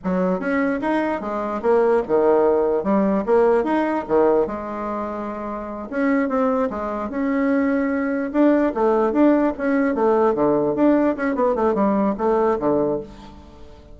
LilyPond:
\new Staff \with { instrumentName = "bassoon" } { \time 4/4 \tempo 4 = 148 fis4 cis'4 dis'4 gis4 | ais4 dis2 g4 | ais4 dis'4 dis4 gis4~ | gis2~ gis8 cis'4 c'8~ |
c'8 gis4 cis'2~ cis'8~ | cis'8 d'4 a4 d'4 cis'8~ | cis'8 a4 d4 d'4 cis'8 | b8 a8 g4 a4 d4 | }